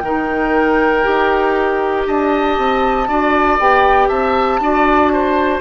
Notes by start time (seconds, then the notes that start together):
0.00 D#3 D#4 A#4 G5
1.03 D#4 G4
2.07 D4 D#5 A5
2.58 C4
3.08 D4 F#4 D5
3.59 B3 G4 G5
4.08 C4 E5 A5
4.60 D4 F#4 D5
5.13 C5